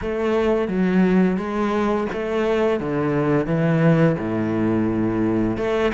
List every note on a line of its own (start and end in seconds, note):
0.01 0.68 A3
0.68 1.37 F#3
1.37 2.07 G#3
2.12 2.79 A3
2.79 3.46 D3
3.46 4.16 E3
4.18 5.57 A2
5.57 5.92 A3